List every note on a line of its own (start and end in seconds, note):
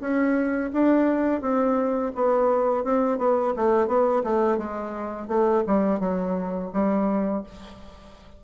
0.00 0.71 C#4
0.73 1.41 D4
1.41 2.11 C4
2.14 2.84 B3
2.84 3.18 C4
3.18 3.53 B3
3.56 3.87 A3
3.87 4.22 B3
4.23 4.57 A3
4.57 5.27 G#3
5.27 5.63 A3
5.67 5.99 G3
5.99 6.70 F#3
6.73 7.43 G3